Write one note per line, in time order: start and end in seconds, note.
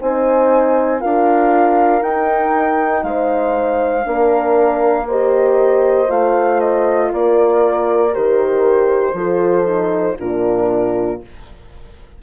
0.00 1.03 C4
0.00 1.00 D#4
0.00 1.01 C5
0.00 1.01 G#5
1.00 2.02 D4
1.00 2.02 F4
1.00 3.04 A#4
1.00 2.03 F5
2.02 3.03 D#4
2.02 4.04 D#4
2.02 3.03 G5
3.03 4.05 G#3
3.03 4.06 C5
3.03 5.07 F5
4.04 6.10 A#3
4.04 5.06 D4
4.04 5.08 A#4
5.08 6.08 G4
5.08 7.11 C5
5.08 6.10 D#5
6.08 7.11 A3
6.08 8.11 F4
6.08 6.60 F5
6.60 7.11 D#5
7.12 8.15 A#3
7.12 9.16 A#4
7.12 8.14 D5
8.13 9.13 D#3
8.13 9.15 G4
8.13 10.17 C5
9.13 10.15 F3
9.13 9.65 F4
9.13 10.18 A4
9.65 10.16 D#4
10.19 11.22 A#2
10.19 11.21 D4
10.19 11.21 F4
10.19 11.21 A#4